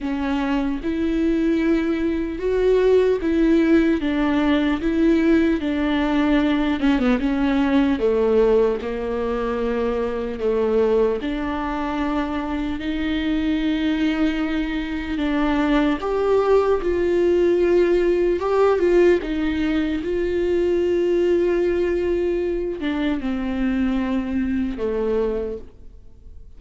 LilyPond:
\new Staff \with { instrumentName = "viola" } { \time 4/4 \tempo 4 = 75 cis'4 e'2 fis'4 | e'4 d'4 e'4 d'4~ | d'8 cis'16 b16 cis'4 a4 ais4~ | ais4 a4 d'2 |
dis'2. d'4 | g'4 f'2 g'8 f'8 | dis'4 f'2.~ | f'8 d'8 c'2 a4 | }